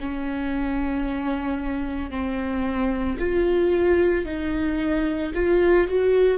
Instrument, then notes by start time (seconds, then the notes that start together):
viola
0.00 C#4
2.10 C4
3.19 F4
4.26 D#4
5.34 F4
5.88 F#4